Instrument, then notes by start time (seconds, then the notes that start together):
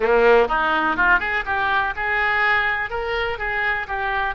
oboe
0.00 A#3
0.48 D#4
0.96 F4
1.19 G#4
1.45 G4
1.96 G#4
2.89 A#4
3.38 G#4
3.87 G4